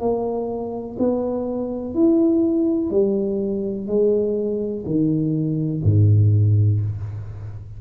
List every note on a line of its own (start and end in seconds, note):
0.00 0.97 A#3
0.99 1.94 B3
1.94 2.90 E4
2.90 3.87 G3
3.87 4.84 G#3
4.86 5.82 D#3
5.84 6.80 G#2